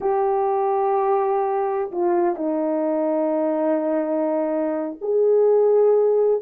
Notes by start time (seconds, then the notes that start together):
0.00 G4
1.91 F4
2.35 D#4
5.01 G#4